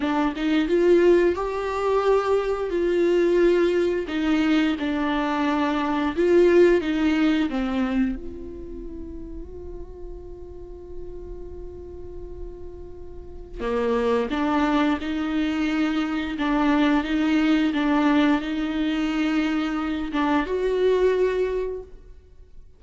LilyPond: \new Staff \with { instrumentName = "viola" } { \time 4/4 \tempo 4 = 88 d'8 dis'8 f'4 g'2 | f'2 dis'4 d'4~ | d'4 f'4 dis'4 c'4 | f'1~ |
f'1 | ais4 d'4 dis'2 | d'4 dis'4 d'4 dis'4~ | dis'4. d'8 fis'2 | }